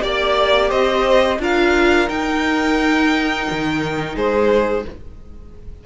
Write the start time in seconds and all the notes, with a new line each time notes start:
0.00 A#3 G4 D5
0.69 C4 C5 D#5
1.39 D4 F4 A#4 F5
2.08 D#4 G5
3.51 D#3
4.15 G#3 G#4 C5